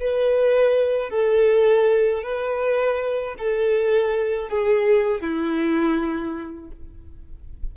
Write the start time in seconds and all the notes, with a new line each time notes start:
0.00 B4
1.10 A4
2.23 B4
3.39 A4
4.49 G#4
5.21 E4